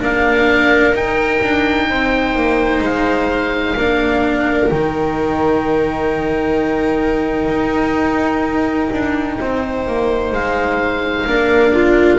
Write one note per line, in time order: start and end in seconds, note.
0.00 0.93 A#3
0.00 0.94 D4
0.00 1.88 A#4
0.00 0.96 F5
0.93 1.40 D#4
0.93 3.76 D#4
0.93 2.84 G5
1.43 1.89 D4
1.89 2.35 C4
1.89 3.77 C5
2.35 2.81 A#3
2.81 3.74 G#3
2.81 4.69 F5
3.77 4.70 A#3
3.77 4.72 D4
3.77 9.40 A#4
4.69 7.49 D#3
4.69 11.28 D#4
4.69 10.32 G5
7.49 8.89 D#4
8.92 9.39 D4
9.40 9.87 C4
9.40 11.28 C5
9.87 10.32 A#3
10.32 11.26 G#3
10.32 12.19 F5
11.27 12.19 A#3
11.27 12.19 D4
11.27 11.73 A#4
11.73 12.19 F4